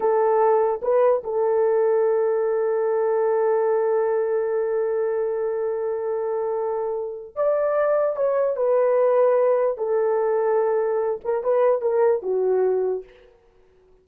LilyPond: \new Staff \with { instrumentName = "horn" } { \time 4/4 \tempo 4 = 147 a'2 b'4 a'4~ | a'1~ | a'1~ | a'1~ |
a'2 d''2 | cis''4 b'2. | a'2.~ a'8 ais'8 | b'4 ais'4 fis'2 | }